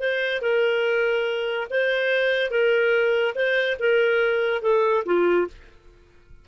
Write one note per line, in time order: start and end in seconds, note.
0.00 0.42 C5
0.42 1.67 A#4
1.71 2.51 C5
2.51 3.35 A#4
3.35 3.77 C5
3.79 4.62 A#4
4.62 5.04 A4
5.05 5.47 F4